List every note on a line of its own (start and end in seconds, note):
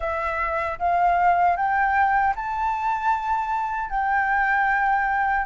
0.00 0.78 E5
0.78 1.56 F5
1.56 2.34 G5
2.35 3.90 A5
3.90 5.45 G5